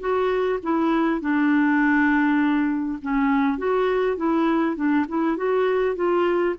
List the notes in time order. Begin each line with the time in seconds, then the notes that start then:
0.00 F#4
0.63 E4
1.21 D4
3.02 C#4
3.58 F#4
4.17 E4
4.76 D4
5.08 E4
5.37 F#4
5.96 F4